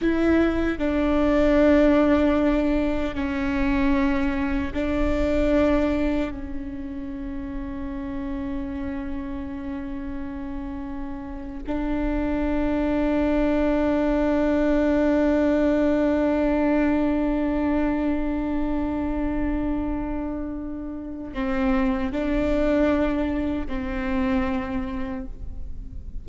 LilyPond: \new Staff \with { instrumentName = "viola" } { \time 4/4 \tempo 4 = 76 e'4 d'2. | cis'2 d'2 | cis'1~ | cis'2~ cis'8. d'4~ d'16~ |
d'1~ | d'1~ | d'2. c'4 | d'2 c'2 | }